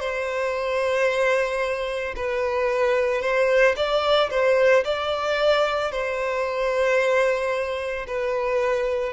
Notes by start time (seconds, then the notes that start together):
0.00 C5
2.16 B4
3.21 C5
3.76 D5
4.30 C5
4.84 D5
5.91 C5
8.07 B4